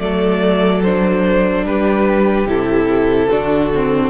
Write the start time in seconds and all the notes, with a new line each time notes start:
0.00 F#3 A3 A4 D5
0.83 D4 C5
1.64 G3 G4 B4
2.46 C3 E4 A4
3.31 D3 D4 F#4
3.75 C4